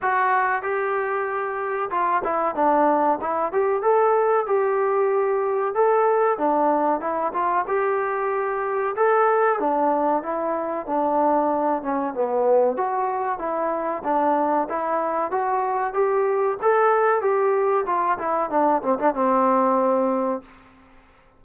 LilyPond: \new Staff \with { instrumentName = "trombone" } { \time 4/4 \tempo 4 = 94 fis'4 g'2 f'8 e'8 | d'4 e'8 g'8 a'4 g'4~ | g'4 a'4 d'4 e'8 f'8 | g'2 a'4 d'4 |
e'4 d'4. cis'8 b4 | fis'4 e'4 d'4 e'4 | fis'4 g'4 a'4 g'4 | f'8 e'8 d'8 c'16 d'16 c'2 | }